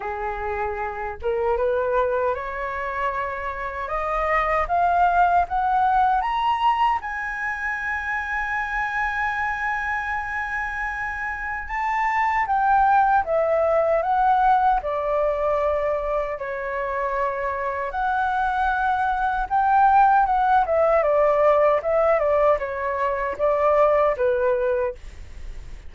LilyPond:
\new Staff \with { instrumentName = "flute" } { \time 4/4 \tempo 4 = 77 gis'4. ais'8 b'4 cis''4~ | cis''4 dis''4 f''4 fis''4 | ais''4 gis''2.~ | gis''2. a''4 |
g''4 e''4 fis''4 d''4~ | d''4 cis''2 fis''4~ | fis''4 g''4 fis''8 e''8 d''4 | e''8 d''8 cis''4 d''4 b'4 | }